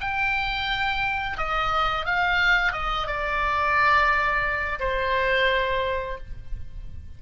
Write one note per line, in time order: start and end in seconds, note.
0.00 1.37 G5
1.37 2.06 D#5
2.06 2.72 F5
2.72 3.07 D#5
3.07 4.79 D5
4.79 6.17 C5